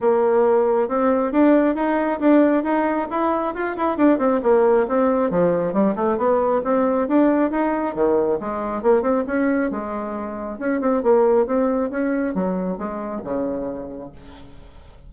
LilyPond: \new Staff \with { instrumentName = "bassoon" } { \time 4/4 \tempo 4 = 136 ais2 c'4 d'4 | dis'4 d'4 dis'4 e'4 | f'8 e'8 d'8 c'8 ais4 c'4 | f4 g8 a8 b4 c'4 |
d'4 dis'4 dis4 gis4 | ais8 c'8 cis'4 gis2 | cis'8 c'8 ais4 c'4 cis'4 | fis4 gis4 cis2 | }